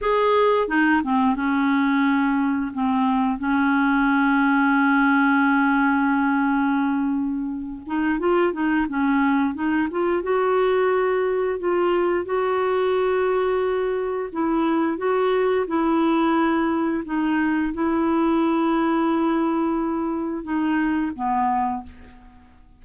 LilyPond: \new Staff \with { instrumentName = "clarinet" } { \time 4/4 \tempo 4 = 88 gis'4 dis'8 c'8 cis'2 | c'4 cis'2.~ | cis'2.~ cis'8 dis'8 | f'8 dis'8 cis'4 dis'8 f'8 fis'4~ |
fis'4 f'4 fis'2~ | fis'4 e'4 fis'4 e'4~ | e'4 dis'4 e'2~ | e'2 dis'4 b4 | }